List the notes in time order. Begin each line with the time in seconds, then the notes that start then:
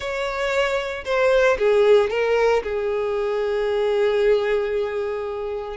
0.00 C#5
1.05 C5
1.58 G#4
2.10 A#4
2.63 G#4